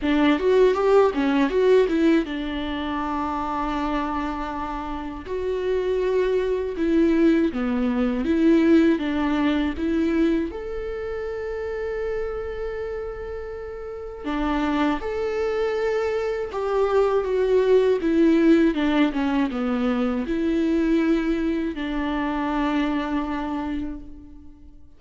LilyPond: \new Staff \with { instrumentName = "viola" } { \time 4/4 \tempo 4 = 80 d'8 fis'8 g'8 cis'8 fis'8 e'8 d'4~ | d'2. fis'4~ | fis'4 e'4 b4 e'4 | d'4 e'4 a'2~ |
a'2. d'4 | a'2 g'4 fis'4 | e'4 d'8 cis'8 b4 e'4~ | e'4 d'2. | }